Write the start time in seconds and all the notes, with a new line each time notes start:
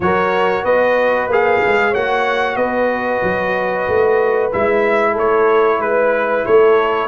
0.00 F#3 F#4 A#4 C#5
0.64 B3 B4 D#5
1.28 A#3 G#4 F5
1.66 G#3
1.90 A#3 F#4 C#5 F#5
2.56 B3 B4 D#5
3.23 F#3
3.87 A3
4.52 G#3 E4 E5
5.12 A3 A4 C#5
5.79 G#3 B4
6.45 A3 A4 C#5